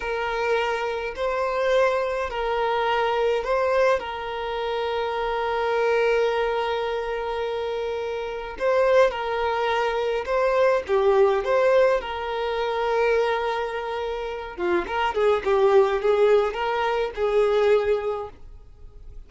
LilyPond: \new Staff \with { instrumentName = "violin" } { \time 4/4 \tempo 4 = 105 ais'2 c''2 | ais'2 c''4 ais'4~ | ais'1~ | ais'2. c''4 |
ais'2 c''4 g'4 | c''4 ais'2.~ | ais'4. f'8 ais'8 gis'8 g'4 | gis'4 ais'4 gis'2 | }